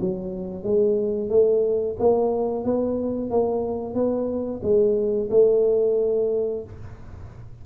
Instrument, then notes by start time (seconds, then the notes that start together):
tuba
0.00 F#3
0.63 G#3
1.29 A3
1.99 A#3
2.64 B3
3.30 A#3
3.94 B3
4.62 G#3
5.30 A3